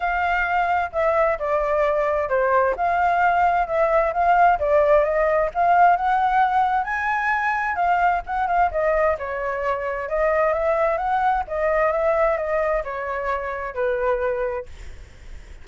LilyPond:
\new Staff \with { instrumentName = "flute" } { \time 4/4 \tempo 4 = 131 f''2 e''4 d''4~ | d''4 c''4 f''2 | e''4 f''4 d''4 dis''4 | f''4 fis''2 gis''4~ |
gis''4 f''4 fis''8 f''8 dis''4 | cis''2 dis''4 e''4 | fis''4 dis''4 e''4 dis''4 | cis''2 b'2 | }